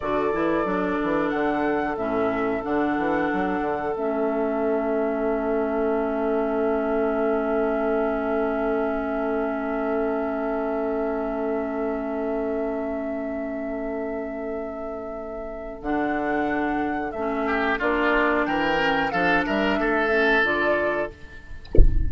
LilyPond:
<<
  \new Staff \with { instrumentName = "flute" } { \time 4/4 \tempo 4 = 91 d''2 fis''4 e''4 | fis''2 e''2~ | e''1~ | e''1~ |
e''1~ | e''1 | fis''2 e''4 d''4 | g''4 f''8 e''4. d''4 | }
  \new Staff \with { instrumentName = "oboe" } { \time 4/4 a'1~ | a'1~ | a'1~ | a'1~ |
a'1~ | a'1~ | a'2~ a'8 g'8 f'4 | ais'4 a'8 ais'8 a'2 | }
  \new Staff \with { instrumentName = "clarinet" } { \time 4/4 fis'8 e'8 d'2 cis'4 | d'2 cis'2~ | cis'1~ | cis'1~ |
cis'1~ | cis'1 | d'2 cis'4 d'4~ | d'8 cis'8 d'4. cis'8 f'4 | }
  \new Staff \with { instrumentName = "bassoon" } { \time 4/4 d8 e8 fis8 e8 d4 a,4 | d8 e8 fis8 d8 a2~ | a1~ | a1~ |
a1~ | a1 | d2 a4 ais4 | e4 f8 g8 a4 d4 | }
>>